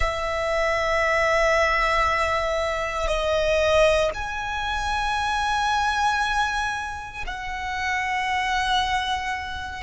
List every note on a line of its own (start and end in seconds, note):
0.00 3.07 E5
3.07 4.11 D#5
4.14 7.24 G#5
7.26 9.83 F#5